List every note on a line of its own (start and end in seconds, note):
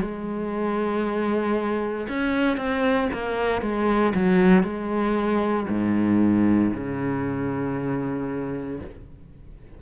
0.00 2.07 G#3
2.08 2.56 C#4
2.56 3.08 C4
3.13 3.62 A#3
3.62 4.13 G#3
4.14 4.63 F#3
4.63 5.66 G#3
5.68 6.72 G#2
6.73 8.80 C#3